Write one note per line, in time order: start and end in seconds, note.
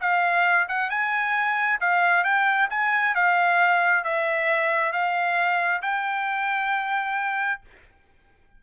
0.00 0.67 F5
0.68 0.90 F#5
0.90 1.80 G#5
1.80 2.24 F5
2.24 2.68 G5
2.70 3.14 G#5
3.14 4.04 F5
4.04 4.92 E5
4.92 5.81 F5
5.82 7.61 G5